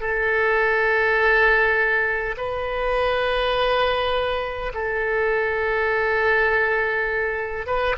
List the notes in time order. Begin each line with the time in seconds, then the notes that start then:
0.00 A4
2.37 B4
4.74 A4
7.66 B4